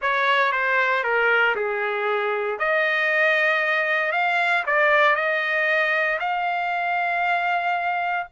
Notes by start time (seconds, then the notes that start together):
0.01 C#5
0.52 C5
1.03 A#4
1.55 G#4
2.58 D#5
4.12 F5
4.66 D5
5.15 D#5
6.19 F5